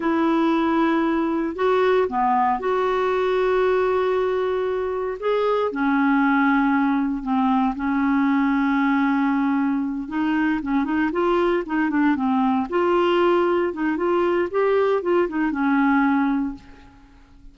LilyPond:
\new Staff \with { instrumentName = "clarinet" } { \time 4/4 \tempo 4 = 116 e'2. fis'4 | b4 fis'2.~ | fis'2 gis'4 cis'4~ | cis'2 c'4 cis'4~ |
cis'2.~ cis'8 dis'8~ | dis'8 cis'8 dis'8 f'4 dis'8 d'8 c'8~ | c'8 f'2 dis'8 f'4 | g'4 f'8 dis'8 cis'2 | }